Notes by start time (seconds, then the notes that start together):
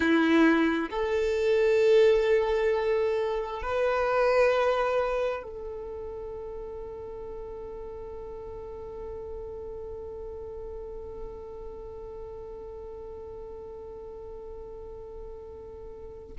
0.00 E4
0.90 A4
3.62 B4
5.43 A4